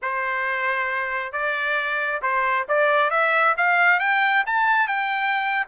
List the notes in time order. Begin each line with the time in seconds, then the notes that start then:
0.02 C5
1.32 D5
2.22 C5
2.68 D5
3.10 E5
3.57 F5
3.99 G5
4.46 A5
4.87 G5